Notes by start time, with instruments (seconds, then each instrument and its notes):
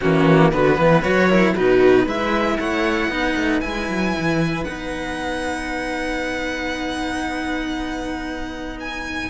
0.00 cello E3 A#3, viola C#4, violin F#4
0.51 cello D3 B3, viola F#4, violin B4
0.77 cello E3, viola B4
1.02 cello F#3 F#4, violin C#5
1.28 cello E4, viola A#4
1.55 cello B2 D#4, viola F#4, violin B4
2.02 cello G#3 E4, viola B4, violin E5
2.59 cello A3, viola C#5, violin F#5
3.08 cello B3 D#4, viola B4
3.35 cello A3
3.60 cello G#3 E4, violin G#5
3.88 cello F#3
4.18 cello E3
4.64 cello B3 D#4, violin F#5
8.80 violin G#5